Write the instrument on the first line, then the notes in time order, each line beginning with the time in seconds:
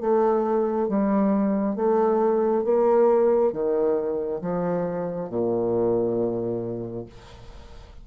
bassoon
0.00 A3
0.88 G3
1.76 A3
2.64 A#3
3.53 D#3
4.41 F3
5.29 A#2